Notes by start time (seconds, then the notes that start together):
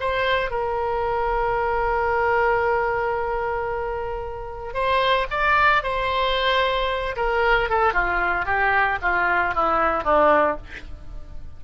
0.00 C5
0.50 A#4
4.74 C5
5.30 D5
5.83 C5
7.16 A#4
7.69 A4
7.93 F4
8.45 G4
9.02 F4
9.55 E4
10.04 D4